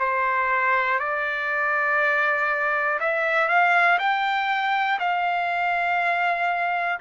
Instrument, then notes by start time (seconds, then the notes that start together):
trumpet
0.00 C5
1.00 D5
3.01 E5
3.49 F5
3.99 G5
5.00 F5